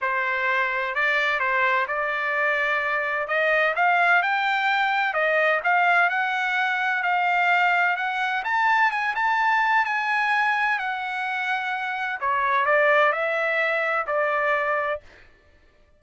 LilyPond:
\new Staff \with { instrumentName = "trumpet" } { \time 4/4 \tempo 4 = 128 c''2 d''4 c''4 | d''2. dis''4 | f''4 g''2 dis''4 | f''4 fis''2 f''4~ |
f''4 fis''4 a''4 gis''8 a''8~ | a''4 gis''2 fis''4~ | fis''2 cis''4 d''4 | e''2 d''2 | }